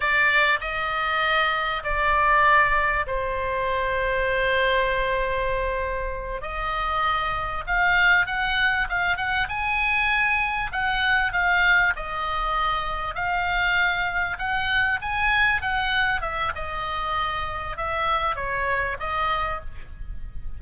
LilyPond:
\new Staff \with { instrumentName = "oboe" } { \time 4/4 \tempo 4 = 98 d''4 dis''2 d''4~ | d''4 c''2.~ | c''2~ c''8 dis''4.~ | dis''8 f''4 fis''4 f''8 fis''8 gis''8~ |
gis''4. fis''4 f''4 dis''8~ | dis''4. f''2 fis''8~ | fis''8 gis''4 fis''4 e''8 dis''4~ | dis''4 e''4 cis''4 dis''4 | }